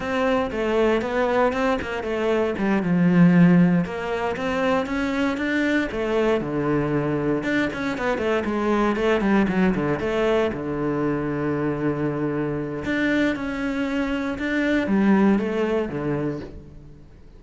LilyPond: \new Staff \with { instrumentName = "cello" } { \time 4/4 \tempo 4 = 117 c'4 a4 b4 c'8 ais8 | a4 g8 f2 ais8~ | ais8 c'4 cis'4 d'4 a8~ | a8 d2 d'8 cis'8 b8 |
a8 gis4 a8 g8 fis8 d8 a8~ | a8 d2.~ d8~ | d4 d'4 cis'2 | d'4 g4 a4 d4 | }